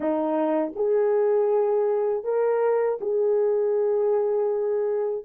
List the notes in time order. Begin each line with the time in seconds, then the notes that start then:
0.00 D#4
0.75 G#4
2.24 A#4
3.00 G#4